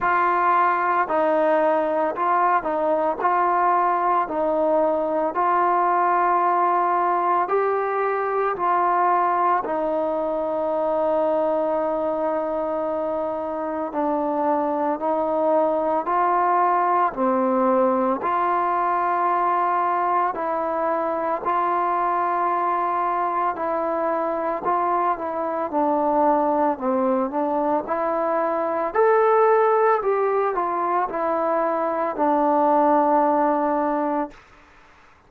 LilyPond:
\new Staff \with { instrumentName = "trombone" } { \time 4/4 \tempo 4 = 56 f'4 dis'4 f'8 dis'8 f'4 | dis'4 f'2 g'4 | f'4 dis'2.~ | dis'4 d'4 dis'4 f'4 |
c'4 f'2 e'4 | f'2 e'4 f'8 e'8 | d'4 c'8 d'8 e'4 a'4 | g'8 f'8 e'4 d'2 | }